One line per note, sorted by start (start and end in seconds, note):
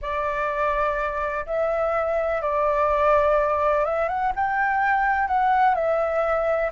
0.01 1.45 D5
1.46 2.41 E5
2.41 3.84 D5
3.84 4.08 E5
4.08 4.32 F#5
4.35 5.27 G5
5.27 5.75 F#5
5.75 6.71 E5